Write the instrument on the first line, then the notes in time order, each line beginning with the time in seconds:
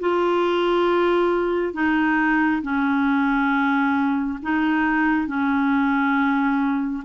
clarinet
0.00 F4
1.74 D#4
2.62 C#4
4.43 D#4
5.27 C#4